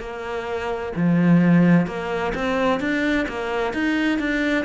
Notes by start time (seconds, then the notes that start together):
0.00 A#3
0.96 F3
1.86 A#3
2.35 C4
2.80 D4
3.28 A#3
3.73 D#4
4.19 D4